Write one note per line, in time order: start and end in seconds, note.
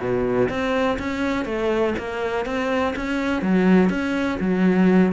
0.00 0.49 B2
0.49 0.98 C4
0.99 1.45 C#4
1.45 1.94 A3
1.98 2.46 A#3
2.46 2.94 C4
2.96 3.42 C#4
3.42 3.90 F#3
3.90 4.38 C#4
4.40 5.13 F#3